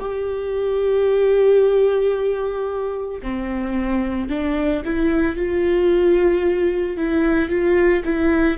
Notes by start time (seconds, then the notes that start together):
0.00 G4
3.23 C4
4.30 D4
4.85 E4
5.37 F4
6.97 E4
7.50 F4
8.05 E4